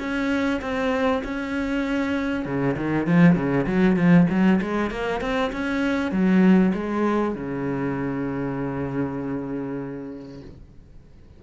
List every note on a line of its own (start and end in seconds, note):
0.00 0.61 C#4
0.62 1.23 C4
1.24 2.46 C#4
2.46 2.76 C#3
2.77 3.07 D#3
3.07 3.36 F3
3.36 3.67 C#3
3.67 3.97 F#3
3.97 4.27 F3
4.30 4.61 F#3
4.62 4.91 G#3
4.91 5.22 A#3
5.22 5.52 C4
5.53 6.12 C#4
6.12 6.73 F#3
6.74 7.35 G#3
7.36 10.42 C#3